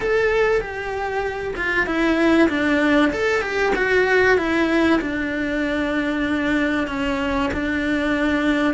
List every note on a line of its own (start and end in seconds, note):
0.00 0.61 A4
0.61 1.54 G4
1.56 1.86 F4
1.86 2.48 E4
2.49 3.11 D4
3.12 3.41 A4
3.41 3.72 G4
3.75 4.37 F#4
4.37 5.00 E4
5.01 6.87 D4
6.87 7.49 C#4
7.53 8.73 D4